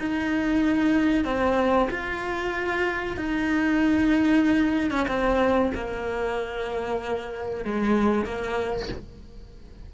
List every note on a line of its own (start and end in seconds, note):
0.00 1.25 D#4
1.25 1.89 C4
1.91 3.18 F4
3.18 4.91 D#4
4.91 5.07 C#4
5.08 5.72 C4
5.75 7.65 A#3
7.65 8.25 G#3
8.25 8.89 A#3